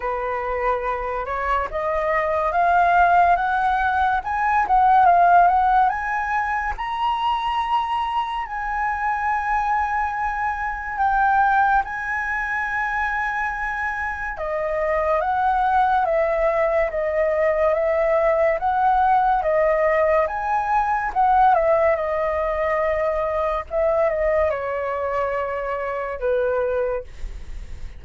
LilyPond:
\new Staff \with { instrumentName = "flute" } { \time 4/4 \tempo 4 = 71 b'4. cis''8 dis''4 f''4 | fis''4 gis''8 fis''8 f''8 fis''8 gis''4 | ais''2 gis''2~ | gis''4 g''4 gis''2~ |
gis''4 dis''4 fis''4 e''4 | dis''4 e''4 fis''4 dis''4 | gis''4 fis''8 e''8 dis''2 | e''8 dis''8 cis''2 b'4 | }